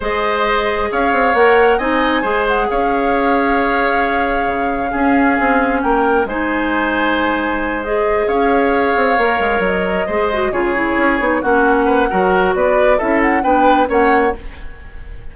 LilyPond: <<
  \new Staff \with { instrumentName = "flute" } { \time 4/4 \tempo 4 = 134 dis''2 f''4 fis''4 | gis''4. fis''8 f''2~ | f''1~ | f''4 g''4 gis''2~ |
gis''4. dis''4 f''4.~ | f''4. dis''2 cis''8~ | cis''4. fis''2~ fis''8 | d''4 e''8 fis''8 g''4 fis''4 | }
  \new Staff \with { instrumentName = "oboe" } { \time 4/4 c''2 cis''2 | dis''4 c''4 cis''2~ | cis''2. gis'4~ | gis'4 ais'4 c''2~ |
c''2~ c''8 cis''4.~ | cis''2~ cis''8 c''4 gis'8~ | gis'4. fis'4 b'8 ais'4 | b'4 a'4 b'4 cis''4 | }
  \new Staff \with { instrumentName = "clarinet" } { \time 4/4 gis'2. ais'4 | dis'4 gis'2.~ | gis'2. cis'4~ | cis'2 dis'2~ |
dis'4. gis'2~ gis'8~ | gis'8 ais'2 gis'8 fis'8 f'8 | e'4 dis'8 cis'4. fis'4~ | fis'4 e'4 d'4 cis'4 | }
  \new Staff \with { instrumentName = "bassoon" } { \time 4/4 gis2 cis'8 c'8 ais4 | c'4 gis4 cis'2~ | cis'2 cis4 cis'4 | c'4 ais4 gis2~ |
gis2~ gis8 cis'4. | c'8 ais8 gis8 fis4 gis4 cis8~ | cis8 cis'8 b8 ais4. fis4 | b4 cis'4 b4 ais4 | }
>>